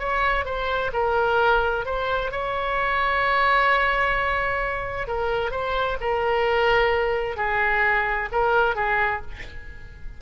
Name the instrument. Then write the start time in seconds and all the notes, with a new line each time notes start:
oboe
0.00 C#5
0.46 C5
0.94 A#4
1.86 C5
2.32 C#5
5.08 A#4
5.51 C5
6.01 A#4
7.37 G#4
8.32 A#4
8.76 G#4